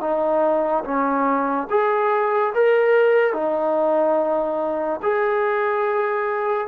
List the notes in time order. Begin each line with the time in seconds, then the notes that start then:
0.00 D#4
0.84 C#4
1.70 G#4
2.54 A#4
3.33 D#4
5.02 G#4